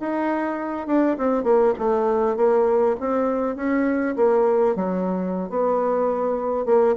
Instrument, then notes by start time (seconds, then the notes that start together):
bassoon
0.00 D#4
0.87 D4
1.17 C4
1.44 A#3
1.78 A3
2.37 A#3
3.00 C4
3.56 C#4
4.16 A#3
4.75 F#3
5.50 B3
6.66 A#3